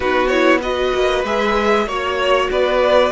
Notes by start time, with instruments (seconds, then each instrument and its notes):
0.00 cello B3, viola D#4, violin F#4 B4
0.27 viola E4, violin C#5
0.60 viola F#4, violin B4 D#5
0.94 cello A#3
1.23 cello G#3, viola G#4, violin E5
1.86 cello A#3, viola F#4, violin C#5
2.51 cello B3, violin B4 D5